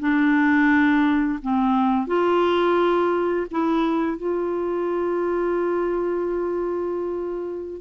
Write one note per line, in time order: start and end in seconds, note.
0.00 1.40 D4
1.43 2.07 C4
2.07 3.47 F4
3.51 4.18 E4
4.18 7.81 F4